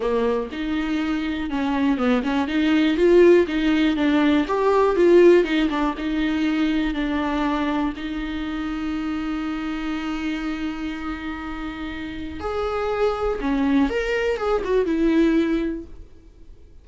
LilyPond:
\new Staff \with { instrumentName = "viola" } { \time 4/4 \tempo 4 = 121 ais4 dis'2 cis'4 | b8 cis'8 dis'4 f'4 dis'4 | d'4 g'4 f'4 dis'8 d'8 | dis'2 d'2 |
dis'1~ | dis'1~ | dis'4 gis'2 cis'4 | ais'4 gis'8 fis'8 e'2 | }